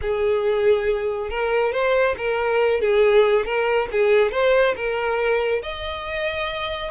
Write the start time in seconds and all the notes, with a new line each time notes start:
0.01 G#4
1.29 A#4
1.72 C5
2.17 A#4
2.80 G#4
3.45 A#4
3.91 G#4
4.31 C5
4.75 A#4
5.62 D#5